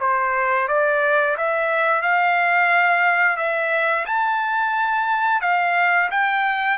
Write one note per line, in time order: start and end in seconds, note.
0.00 0.68 C5
0.68 1.36 D5
1.37 2.02 E5
2.02 3.37 F5
3.37 4.05 E5
4.05 5.41 A5
5.41 6.09 F5
6.11 6.77 G5